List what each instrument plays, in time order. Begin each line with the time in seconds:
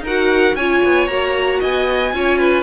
0.00 cello D#4, violin A#4
0.07 viola F#4, violin F#5
0.54 cello C#4, viola F4, violin C#5 G#5
0.84 cello B3
1.07 cello A#3, viola F#4, violin A#5
1.60 cello B3, violin D#5 G#5
2.13 cello C#4, viola F4, violin C#5
2.38 violin B4